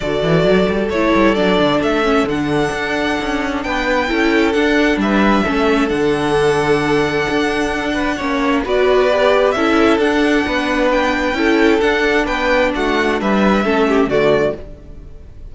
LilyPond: <<
  \new Staff \with { instrumentName = "violin" } { \time 4/4 \tempo 4 = 132 d''2 cis''4 d''4 | e''4 fis''2. | g''2 fis''4 e''4~ | e''4 fis''2.~ |
fis''2. d''4~ | d''4 e''4 fis''2 | g''2 fis''4 g''4 | fis''4 e''2 d''4 | }
  \new Staff \with { instrumentName = "violin" } { \time 4/4 a'1~ | a'1 | b'4 a'2 b'4 | a'1~ |
a'4. b'8 cis''4 b'4~ | b'4 a'2 b'4~ | b'4 a'2 b'4 | fis'4 b'4 a'8 g'8 fis'4 | }
  \new Staff \with { instrumentName = "viola" } { \time 4/4 fis'2 e'4 d'4~ | d'8 cis'8 d'2.~ | d'4 e'4 d'2 | cis'4 d'2.~ |
d'2 cis'4 fis'4 | g'4 e'4 d'2~ | d'4 e'4 d'2~ | d'2 cis'4 a4 | }
  \new Staff \with { instrumentName = "cello" } { \time 4/4 d8 e8 fis8 g8 a8 g8 fis8 d8 | a4 d4 d'4 cis'4 | b4 cis'4 d'4 g4 | a4 d2. |
d'2 ais4 b4~ | b4 cis'4 d'4 b4~ | b4 cis'4 d'4 b4 | a4 g4 a4 d4 | }
>>